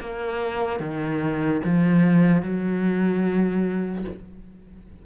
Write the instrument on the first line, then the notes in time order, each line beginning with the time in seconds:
cello
0.00 A#3
0.80 D#3
1.64 F3
2.42 F#3